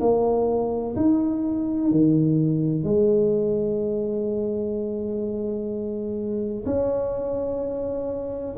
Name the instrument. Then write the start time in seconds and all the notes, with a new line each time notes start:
tuba
0.00 A#3
0.95 D#4
1.91 D#3
2.84 G#3
6.65 C#4